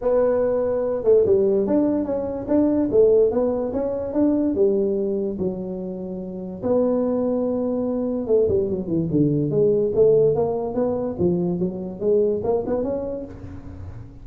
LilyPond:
\new Staff \with { instrumentName = "tuba" } { \time 4/4 \tempo 4 = 145 b2~ b8 a8 g4 | d'4 cis'4 d'4 a4 | b4 cis'4 d'4 g4~ | g4 fis2. |
b1 | a8 g8 fis8 e8 d4 gis4 | a4 ais4 b4 f4 | fis4 gis4 ais8 b8 cis'4 | }